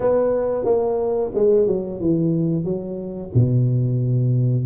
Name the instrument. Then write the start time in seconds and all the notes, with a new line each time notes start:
tuba
0.00 B3
0.64 A#3
1.34 G#3
1.67 F#3
2.00 E3
2.64 F#3
3.34 B2